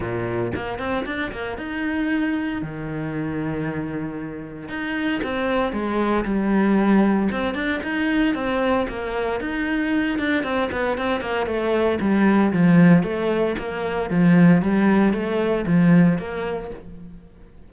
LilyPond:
\new Staff \with { instrumentName = "cello" } { \time 4/4 \tempo 4 = 115 ais,4 ais8 c'8 d'8 ais8 dis'4~ | dis'4 dis2.~ | dis4 dis'4 c'4 gis4 | g2 c'8 d'8 dis'4 |
c'4 ais4 dis'4. d'8 | c'8 b8 c'8 ais8 a4 g4 | f4 a4 ais4 f4 | g4 a4 f4 ais4 | }